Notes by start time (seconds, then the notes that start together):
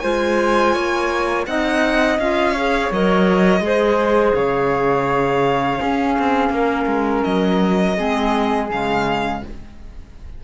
0.00 G#3 F4 C5 G#5
0.74 A#3 C#5
1.47 C4 D#4 D#5 F#5
2.19 C#4 F4 F5
2.53 G#4 C#5
2.91 F#3 A#4 D#5
3.60 G#3 G#4
3.66 C5
4.35 C#3 C#5 F5
5.78 C#4 G#4
6.19 C4
6.50 A#3 A#4
6.86 G#3
7.24 F#3 D#5
7.96 G#3 C4 G#4
8.70 C#3 G#3 F5